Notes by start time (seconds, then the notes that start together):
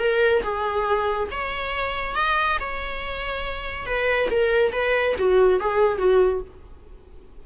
0.00 A#4
0.43 G#4
1.31 C#5
2.16 D#5
2.60 C#5
3.86 B4
4.31 A#4
4.73 B4
5.19 F#4
5.60 G#4
5.98 F#4